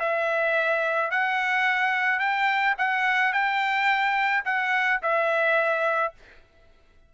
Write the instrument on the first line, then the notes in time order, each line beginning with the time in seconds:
trumpet
0.00 E5
1.11 F#5
2.20 G5
2.79 F#5
3.33 G5
4.45 F#5
5.03 E5